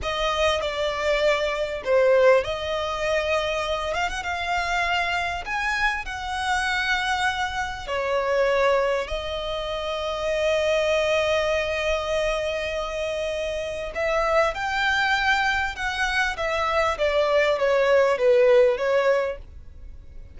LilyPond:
\new Staff \with { instrumentName = "violin" } { \time 4/4 \tempo 4 = 99 dis''4 d''2 c''4 | dis''2~ dis''8 f''16 fis''16 f''4~ | f''4 gis''4 fis''2~ | fis''4 cis''2 dis''4~ |
dis''1~ | dis''2. e''4 | g''2 fis''4 e''4 | d''4 cis''4 b'4 cis''4 | }